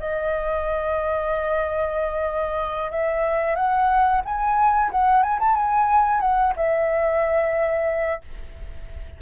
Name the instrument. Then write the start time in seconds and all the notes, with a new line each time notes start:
flute
0.00 D#5
2.91 E5
3.56 F#5
4.26 G#5
4.92 F#5
5.23 G#5
5.40 A5
5.56 G#5
6.21 F#5
6.57 E5